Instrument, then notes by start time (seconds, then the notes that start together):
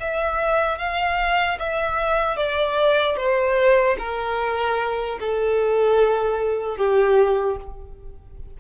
violin
0.00 E5
0.78 F5
1.59 E5
2.36 D5
3.17 C5
3.99 A#4
5.20 A4
6.77 G4